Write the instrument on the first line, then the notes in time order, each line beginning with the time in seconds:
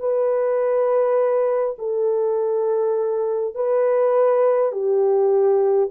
horn
0.00 B4
1.79 A4
3.55 B4
4.72 G4